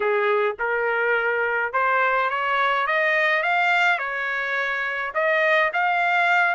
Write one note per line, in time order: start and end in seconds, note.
0.00 0.56 G#4
0.59 1.72 A#4
1.72 2.29 C5
2.29 2.86 C#5
2.86 3.43 D#5
3.43 3.98 F5
3.98 5.12 C#5
5.14 5.71 D#5
5.73 6.55 F5